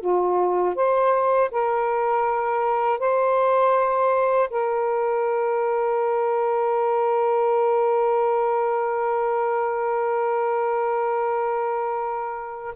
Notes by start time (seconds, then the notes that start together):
0.00 F4
0.75 C5
1.51 A#4
2.99 C5
4.50 A#4